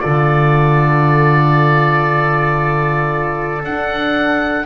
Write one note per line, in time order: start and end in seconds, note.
0.00 3.63 D3
0.00 3.62 F4
0.00 4.66 A4
0.00 3.62 D5
3.63 4.66 D4
3.63 4.66 F#5